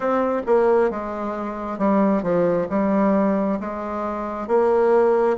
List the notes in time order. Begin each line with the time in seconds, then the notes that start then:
0.00 C4
0.46 A#3
0.90 G#3
1.78 G3
2.23 F3
2.69 G3
3.59 G#3
4.47 A#3